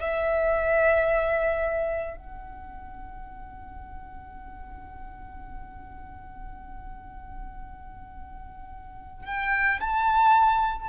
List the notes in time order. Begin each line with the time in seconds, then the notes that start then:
0.00 E5
2.17 F#5
9.25 G5
9.80 A5